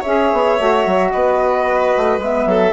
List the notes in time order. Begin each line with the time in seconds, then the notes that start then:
0.00 C#4 G#4 C#5 E5
0.32 B3
0.57 A3 F#4
0.85 F#3
1.11 B3 B4 D#5
1.97 A3
2.18 G#3 B3 E5
2.45 F#3 A4